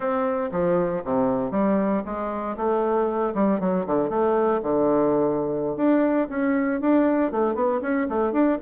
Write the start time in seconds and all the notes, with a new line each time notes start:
0.00 C4
0.51 F3
1.04 C3
1.51 G3
2.05 G#3
2.56 A3
3.34 G3
3.60 F#3
3.86 D3
4.09 A3
4.62 D3
5.76 D4
6.29 C#4
6.80 D4
7.31 A3
7.55 B3
7.81 C#4
8.09 A3
8.32 D4